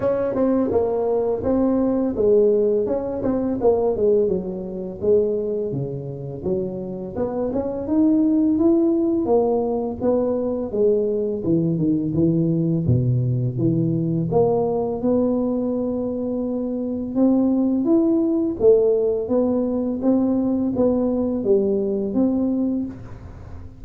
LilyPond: \new Staff \with { instrumentName = "tuba" } { \time 4/4 \tempo 4 = 84 cis'8 c'8 ais4 c'4 gis4 | cis'8 c'8 ais8 gis8 fis4 gis4 | cis4 fis4 b8 cis'8 dis'4 | e'4 ais4 b4 gis4 |
e8 dis8 e4 b,4 e4 | ais4 b2. | c'4 e'4 a4 b4 | c'4 b4 g4 c'4 | }